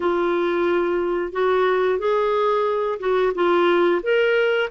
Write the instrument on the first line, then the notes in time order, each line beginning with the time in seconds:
clarinet
0.00 F4
1.32 F#4
1.98 G#4
2.99 F#4
3.35 F4
4.02 A#4